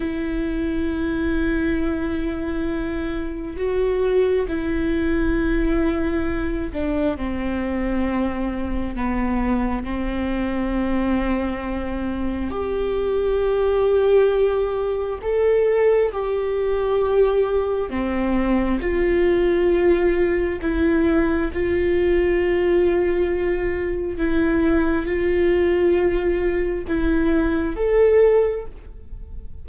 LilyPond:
\new Staff \with { instrumentName = "viola" } { \time 4/4 \tempo 4 = 67 e'1 | fis'4 e'2~ e'8 d'8 | c'2 b4 c'4~ | c'2 g'2~ |
g'4 a'4 g'2 | c'4 f'2 e'4 | f'2. e'4 | f'2 e'4 a'4 | }